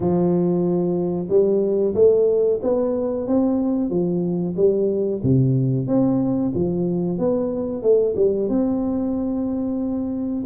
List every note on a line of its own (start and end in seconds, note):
0.00 1.27 F3
1.29 1.94 G3
1.94 2.60 A3
2.62 3.27 B3
3.27 3.90 C4
3.90 4.55 F3
4.56 5.21 G3
5.23 5.87 C3
5.87 6.52 C4
6.55 7.18 F3
7.18 7.82 B3
7.82 8.15 A3
8.16 8.48 G3
8.48 10.44 C4